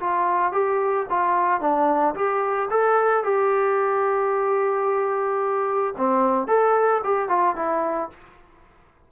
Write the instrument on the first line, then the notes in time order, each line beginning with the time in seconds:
trombone
0.00 F4
0.52 G4
1.10 F4
1.61 D4
2.15 G4
2.71 A4
3.24 G4
5.97 C4
6.47 A4
7.04 G4
7.29 F4
7.56 E4